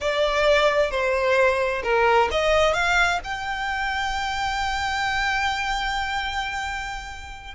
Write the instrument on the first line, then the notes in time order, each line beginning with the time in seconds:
violin
0.00 D5
0.90 C5
1.83 A#4
2.31 D#5
2.73 F5
3.24 G5